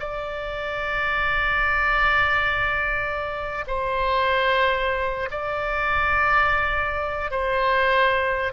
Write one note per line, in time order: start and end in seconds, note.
0.00 3.65 D5
3.68 5.30 C5
5.31 7.31 D5
7.31 8.53 C5